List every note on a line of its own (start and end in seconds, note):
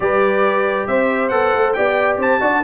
0.00 0.87 G3
0.00 1.30 G4
0.00 0.89 B4
0.00 0.87 D5
0.87 1.31 C4
0.87 1.76 C5
0.87 1.29 E5
1.29 1.53 B3
1.29 1.74 A4
1.29 1.72 F#5
1.54 1.76 A3
1.73 2.17 B3
1.73 2.40 G4
1.73 2.18 D5
1.73 2.16 G5
2.17 2.39 C4
2.17 2.40 C5
2.17 2.63 A5
2.40 2.61 D4
2.40 2.62 F#4
2.40 2.63 D5